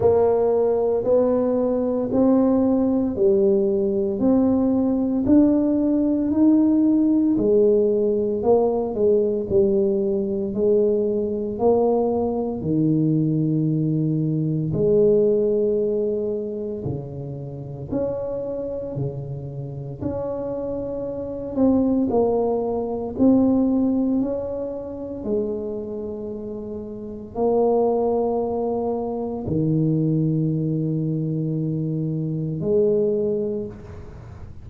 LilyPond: \new Staff \with { instrumentName = "tuba" } { \time 4/4 \tempo 4 = 57 ais4 b4 c'4 g4 | c'4 d'4 dis'4 gis4 | ais8 gis8 g4 gis4 ais4 | dis2 gis2 |
cis4 cis'4 cis4 cis'4~ | cis'8 c'8 ais4 c'4 cis'4 | gis2 ais2 | dis2. gis4 | }